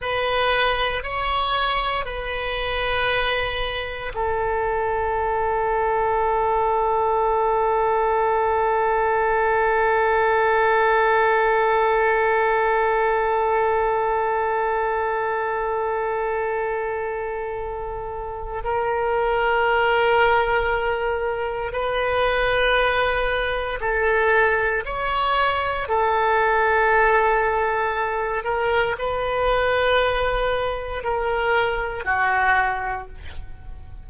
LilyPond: \new Staff \with { instrumentName = "oboe" } { \time 4/4 \tempo 4 = 58 b'4 cis''4 b'2 | a'1~ | a'1~ | a'1~ |
a'2 ais'2~ | ais'4 b'2 a'4 | cis''4 a'2~ a'8 ais'8 | b'2 ais'4 fis'4 | }